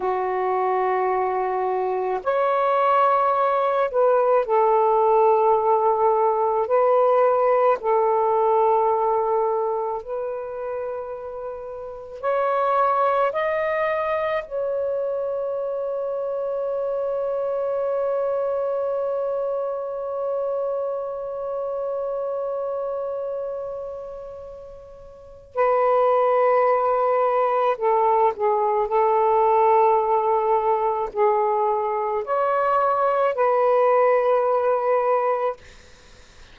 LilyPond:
\new Staff \with { instrumentName = "saxophone" } { \time 4/4 \tempo 4 = 54 fis'2 cis''4. b'8 | a'2 b'4 a'4~ | a'4 b'2 cis''4 | dis''4 cis''2.~ |
cis''1~ | cis''2. b'4~ | b'4 a'8 gis'8 a'2 | gis'4 cis''4 b'2 | }